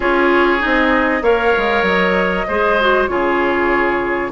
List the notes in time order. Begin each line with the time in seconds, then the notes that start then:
0.00 C#4 F4 G#4 C#5
0.59 D#4 D#5
0.65 C4
1.21 A#3 A#4 C#5 F5
1.57 G#3
1.82 F#3 D#5
2.47 G#3 G#4 C5
2.80 F#4
3.07 C#3 F4 G#4 C#5